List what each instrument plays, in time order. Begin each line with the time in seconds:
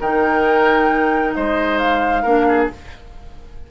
0.00 bassoon D#3, clarinet D#4, oboe A#4, flute G5
1.34 bassoon G#3, oboe C5, flute D#5
1.78 flute F5
2.22 bassoon A#3, clarinet D4, oboe A#4
2.49 oboe G#4